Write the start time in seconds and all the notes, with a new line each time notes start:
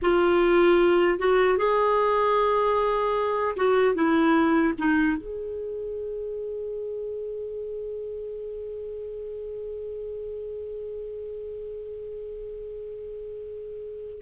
0.01 F4
1.18 F#4
1.57 G#4
3.56 F#4
3.94 E4
4.78 D#4
5.17 G#4